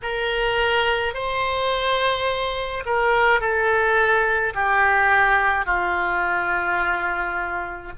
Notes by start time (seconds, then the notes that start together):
0.02 A#4
1.13 C5
2.85 A#4
3.40 A4
4.54 G4
5.65 F4